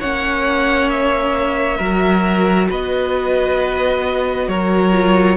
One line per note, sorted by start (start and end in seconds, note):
0.00 1.80 A#3
0.00 1.80 C#4
0.00 1.78 C#5
0.00 0.90 F#5
0.90 2.69 E5
1.78 2.69 F#3
1.78 4.92 F#4
1.78 2.67 A#4
2.70 4.48 B3
2.70 4.49 B4
2.70 4.49 D#5
4.48 5.37 F#3
4.48 5.37 A#4
4.48 5.37 C#5
4.92 5.37 F4